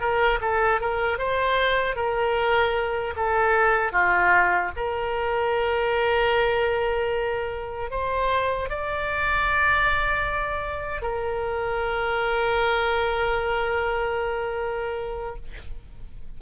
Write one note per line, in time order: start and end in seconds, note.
0.00 0.39 A#4
0.41 0.80 A4
0.80 1.18 A#4
1.18 1.96 C5
1.96 3.14 A#4
3.16 3.92 A4
3.92 4.71 F4
4.76 7.90 A#4
7.90 8.69 C5
8.69 11.01 D5
11.01 15.36 A#4